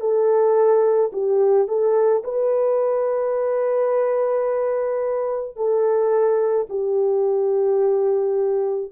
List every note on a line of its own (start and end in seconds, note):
0.00 1.11 A4
1.13 1.68 G4
1.68 2.23 A4
2.24 5.56 B4
5.56 6.67 A4
6.70 8.91 G4